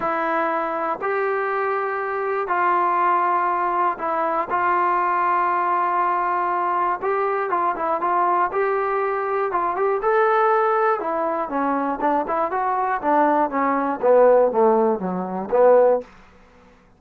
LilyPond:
\new Staff \with { instrumentName = "trombone" } { \time 4/4 \tempo 4 = 120 e'2 g'2~ | g'4 f'2. | e'4 f'2.~ | f'2 g'4 f'8 e'8 |
f'4 g'2 f'8 g'8 | a'2 e'4 cis'4 | d'8 e'8 fis'4 d'4 cis'4 | b4 a4 fis4 b4 | }